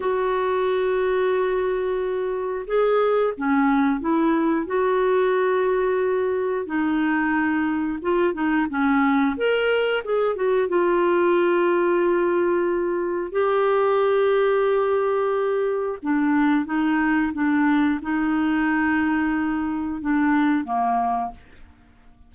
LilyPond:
\new Staff \with { instrumentName = "clarinet" } { \time 4/4 \tempo 4 = 90 fis'1 | gis'4 cis'4 e'4 fis'4~ | fis'2 dis'2 | f'8 dis'8 cis'4 ais'4 gis'8 fis'8 |
f'1 | g'1 | d'4 dis'4 d'4 dis'4~ | dis'2 d'4 ais4 | }